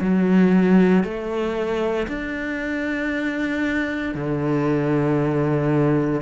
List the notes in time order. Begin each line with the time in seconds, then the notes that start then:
0.00 F#3
1.03 A3
2.07 D4
4.14 D3